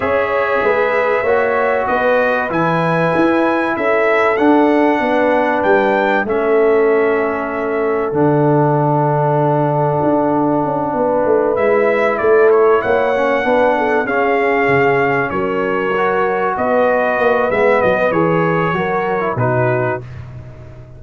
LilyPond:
<<
  \new Staff \with { instrumentName = "trumpet" } { \time 4/4 \tempo 4 = 96 e''2. dis''4 | gis''2 e''4 fis''4~ | fis''4 g''4 e''2~ | e''4 fis''2.~ |
fis''2~ fis''8 e''4 d''8 | cis''8 fis''2 f''4.~ | f''8 cis''2 dis''4. | e''8 dis''8 cis''2 b'4 | }
  \new Staff \with { instrumentName = "horn" } { \time 4/4 cis''4 b'4 cis''4 b'4~ | b'2 a'2 | b'2 a'2~ | a'1~ |
a'4. b'2 a'8~ | a'8 cis''4 b'8 a'8 gis'4.~ | gis'8 ais'2 b'4.~ | b'2 ais'4 fis'4 | }
  \new Staff \with { instrumentName = "trombone" } { \time 4/4 gis'2 fis'2 | e'2. d'4~ | d'2 cis'2~ | cis'4 d'2.~ |
d'2~ d'8 e'4.~ | e'4 cis'8 d'4 cis'4.~ | cis'4. fis'2~ fis'8 | b4 gis'4 fis'8. e'16 dis'4 | }
  \new Staff \with { instrumentName = "tuba" } { \time 4/4 cis'4 gis4 ais4 b4 | e4 e'4 cis'4 d'4 | b4 g4 a2~ | a4 d2. |
d'4 cis'8 b8 a8 gis4 a8~ | a8 ais4 b4 cis'4 cis8~ | cis8 fis2 b4 ais8 | gis8 fis8 e4 fis4 b,4 | }
>>